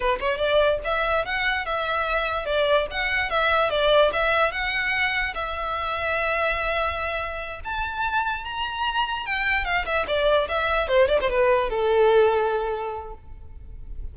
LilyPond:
\new Staff \with { instrumentName = "violin" } { \time 4/4 \tempo 4 = 146 b'8 cis''8 d''4 e''4 fis''4 | e''2 d''4 fis''4 | e''4 d''4 e''4 fis''4~ | fis''4 e''2.~ |
e''2~ e''8 a''4.~ | a''8 ais''2 g''4 f''8 | e''8 d''4 e''4 c''8 d''16 c''16 b'8~ | b'8 a'2.~ a'8 | }